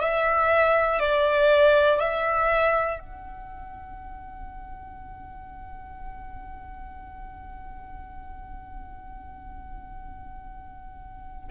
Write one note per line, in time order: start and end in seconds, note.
0.00 1.00 E5
1.00 2.00 D5
2.00 3.00 E5
3.00 11.50 F#5